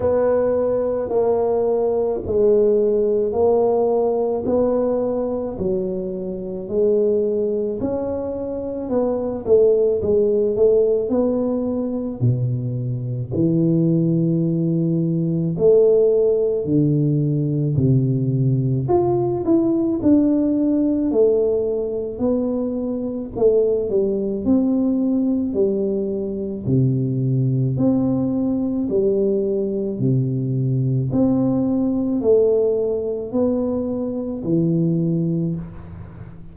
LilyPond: \new Staff \with { instrumentName = "tuba" } { \time 4/4 \tempo 4 = 54 b4 ais4 gis4 ais4 | b4 fis4 gis4 cis'4 | b8 a8 gis8 a8 b4 b,4 | e2 a4 d4 |
c4 f'8 e'8 d'4 a4 | b4 a8 g8 c'4 g4 | c4 c'4 g4 c4 | c'4 a4 b4 e4 | }